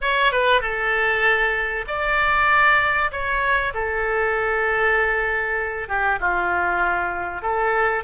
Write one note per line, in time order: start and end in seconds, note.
0.01 0.32 C#5
0.32 0.61 B4
0.61 1.85 A4
1.87 3.11 D5
3.11 3.73 C#5
3.73 5.88 A4
5.88 6.19 G4
6.20 7.42 F4
7.42 8.03 A4